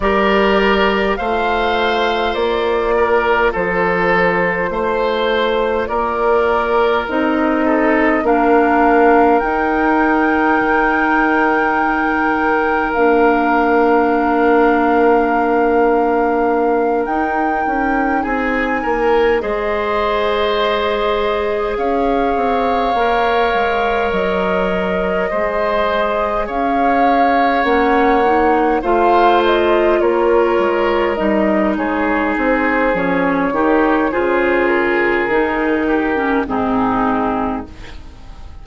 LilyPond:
<<
  \new Staff \with { instrumentName = "flute" } { \time 4/4 \tempo 4 = 51 d''4 f''4 d''4 c''4~ | c''4 d''4 dis''4 f''4 | g''2. f''4~ | f''2~ f''8 g''4 gis''8~ |
gis''8 dis''2 f''4.~ | f''8 dis''2 f''4 fis''8~ | fis''8 f''8 dis''8 cis''4 dis''8 cis''8 c''8 | cis''4 c''8 ais'4. gis'4 | }
  \new Staff \with { instrumentName = "oboe" } { \time 4/4 ais'4 c''4. ais'8 a'4 | c''4 ais'4. a'8 ais'4~ | ais'1~ | ais'2.~ ais'8 gis'8 |
ais'8 c''2 cis''4.~ | cis''4. c''4 cis''4.~ | cis''8 c''4 ais'4. gis'4~ | gis'8 g'8 gis'4. g'8 dis'4 | }
  \new Staff \with { instrumentName = "clarinet" } { \time 4/4 g'4 f'2.~ | f'2 dis'4 d'4 | dis'2. d'4~ | d'2~ d'8 dis'4.~ |
dis'8 gis'2. ais'8~ | ais'4. gis'2 cis'8 | dis'8 f'2 dis'4. | cis'8 dis'8 f'4 dis'8. cis'16 c'4 | }
  \new Staff \with { instrumentName = "bassoon" } { \time 4/4 g4 a4 ais4 f4 | a4 ais4 c'4 ais4 | dis'4 dis2 ais4~ | ais2~ ais8 dis'8 cis'8 c'8 |
ais8 gis2 cis'8 c'8 ais8 | gis8 fis4 gis4 cis'4 ais8~ | ais8 a4 ais8 gis8 g8 gis8 c'8 | f8 dis8 cis4 dis4 gis,4 | }
>>